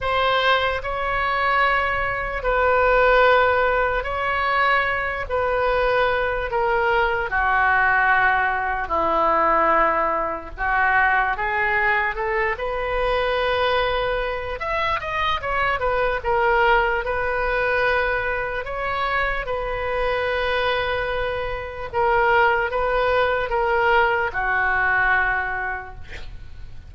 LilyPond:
\new Staff \with { instrumentName = "oboe" } { \time 4/4 \tempo 4 = 74 c''4 cis''2 b'4~ | b'4 cis''4. b'4. | ais'4 fis'2 e'4~ | e'4 fis'4 gis'4 a'8 b'8~ |
b'2 e''8 dis''8 cis''8 b'8 | ais'4 b'2 cis''4 | b'2. ais'4 | b'4 ais'4 fis'2 | }